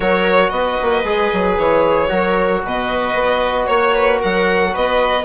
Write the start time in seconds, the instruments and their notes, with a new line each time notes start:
0.00 bassoon F#3, trombone F#4, viola A#4, violin C#5
0.49 bassoon B3, viola B4, violin D#5
0.82 bassoon A#3
1.03 bassoon G#3, trombone G#4
1.33 bassoon F#3
1.57 bassoon E3, violin C#5
2.08 bassoon F#3, trombone F#4, viola A#4
2.64 bassoon B2, viola B4, violin D#5
3.14 bassoon B3
3.66 bassoon A#3, violin C#5, viola C#5
3.94 viola B4
4.19 bassoon F#3, viola A#4, violin F#5
4.73 bassoon B3, viola B4, violin D#5